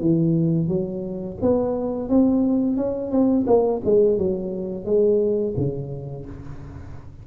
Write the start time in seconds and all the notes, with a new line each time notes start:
0.00 E3
0.68 F#3
1.41 B3
2.09 C4
2.76 C#4
3.11 C4
3.46 A#3
3.84 G#3
4.18 F#3
4.85 G#3
5.56 C#3